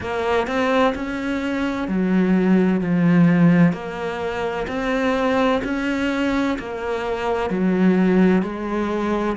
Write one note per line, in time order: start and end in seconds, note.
0.00 0.47 A#3
0.47 0.94 C4
0.94 1.87 C#4
1.87 2.80 F#3
2.80 3.72 F3
3.72 4.66 A#3
4.67 5.61 C4
5.64 6.58 C#4
6.58 7.50 A#3
7.50 8.42 F#3
8.42 9.36 G#3